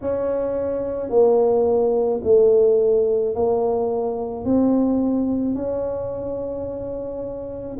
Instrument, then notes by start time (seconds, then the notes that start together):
tuba
0.01 C#4
1.09 A#3
2.23 A3
3.34 A#3
4.44 C4
5.55 C#4